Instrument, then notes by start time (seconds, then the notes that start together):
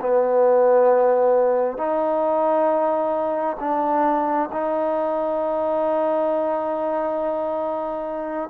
trombone
0.00 B3
1.77 D#4
3.59 D4
4.51 D#4